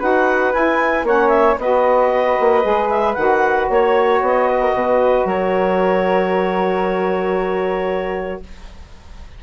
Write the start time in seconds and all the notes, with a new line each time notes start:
0.00 D#4 F#4 B4 F#5
0.54 E4 G#5
1.03 A#3 C#4 C#5 F#5
1.29 E5
1.58 B3 F#4 B4 D#5
2.40 A#3
2.62 G#3 G#4
2.90 E5
3.14 D#3 F#4 F#5
3.69 A#3 C#5
4.21 B3 D#5
4.48 B4
4.61 A#4
4.74 B2 B4
5.25 F#3 A#4 C#5